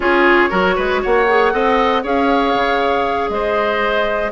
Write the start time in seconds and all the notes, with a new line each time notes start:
0.00 C#4 F4 G#4 C#5
0.49 F#3 F#4 A#4
0.75 G#3 B4
1.02 A#3 C#5 F#5
1.28 G#4
1.51 C4 A4 D#5
2.02 C#4 G#4 C#5 F5
2.53 C#3
3.29 G#3 C5 D#5